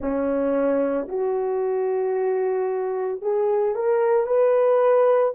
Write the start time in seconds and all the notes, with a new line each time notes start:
0.00 C#4
1.08 F#4
3.21 G#4
3.75 A#4
4.26 B4